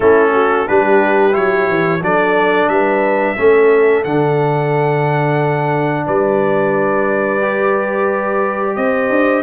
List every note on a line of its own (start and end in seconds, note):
0.00 0.67 A3
0.00 0.67 C#4
0.00 0.32 E4
0.00 0.67 A4
0.33 0.67 F#4
0.67 1.35 G3
0.67 1.32 D4
0.67 2.03 G4
0.67 1.34 B4
1.32 1.68 F#3
1.32 1.99 E4
1.32 2.01 C#5
1.68 2.01 E3
2.01 2.68 F#3
2.01 3.37 D4
2.01 2.71 A4
2.01 2.69 D5
2.68 3.36 G3
2.68 3.37 B4
2.68 4.03 E5
3.37 4.04 A3
3.37 4.04 C#4
3.37 6.05 A4
4.04 6.07 D3
4.04 7.41 D4
4.04 6.06 F#5
6.05 8.76 G3
6.05 8.75 B4
6.05 8.75 D5
7.41 9.43 G4
8.75 9.09 C4
8.75 9.43 C5
8.75 9.43 D#5
9.09 9.43 D4